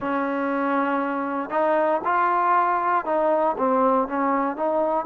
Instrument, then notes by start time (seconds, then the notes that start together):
trombone
0.00 C#4
1.50 D#4
2.04 F4
3.05 D#4
3.57 C4
4.08 C#4
4.56 D#4